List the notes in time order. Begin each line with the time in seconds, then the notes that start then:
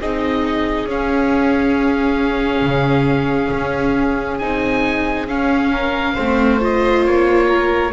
0.00 C4 D#4 G#4 D#5
0.84 C#4 F5
2.61 C#3
3.52 C#4
4.38 C4 D#4 G#5
5.27 C#4 F5
5.72 A#4
6.14 A3 C4 C5
6.59 F4 D#5
7.05 A#3 C#5
7.48 A#4